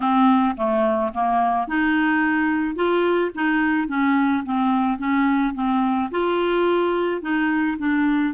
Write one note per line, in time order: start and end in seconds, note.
0.00 0.55 C4
0.56 1.12 A3
1.14 1.67 A#3
1.67 2.75 D#4
2.75 3.31 F4
3.34 3.88 D#4
3.88 4.43 C#4
4.45 4.98 C4
4.98 5.54 C#4
5.54 6.10 C4
6.11 7.21 F4
7.21 7.77 D#4
7.78 8.34 D4